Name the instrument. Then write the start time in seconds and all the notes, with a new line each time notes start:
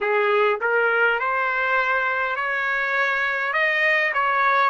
trumpet
0.01 G#4
0.60 A#4
1.19 C5
2.35 C#5
3.53 D#5
4.13 C#5